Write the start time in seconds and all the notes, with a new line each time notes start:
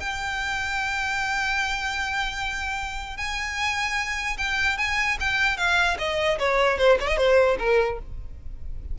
0.00 G5
3.17 G#5
4.37 G5
4.77 G#5
5.20 G5
5.57 F5
5.98 D#5
6.39 C#5
6.78 C5
7.00 C#5
7.07 D#5
7.17 C5
7.59 A#4